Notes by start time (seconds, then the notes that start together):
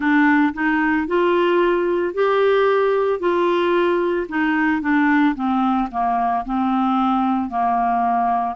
0.00 D4
0.54 D#4
1.07 F4
2.14 G4
3.19 F4
4.29 D#4
4.81 D4
5.35 C4
5.91 A#3
6.45 C4
7.49 A#3